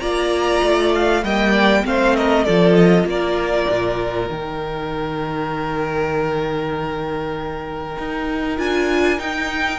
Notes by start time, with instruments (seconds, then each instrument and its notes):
0.00 cello A#3, viola F4, violin D5 A#5
0.62 cello A3
0.95 violin F5
1.23 cello G3, viola A#3, violin D#5 G5
1.51 violin D5
1.84 cello A3, viola C4, violin C5 F5
2.16 violin A#4 D#5
2.44 cello F3, viola F4, violin A4 D5
2.75 violin D#5
3.04 cello A#3, violin D5
3.10 violin A#4
3.70 cello A#2
4.30 cello D#3, viola D#4, violin G5
7.98 cello D#4
8.58 cello D4, viola F4, violin G#5
9.19 viola D#4, cello D#4, violin G5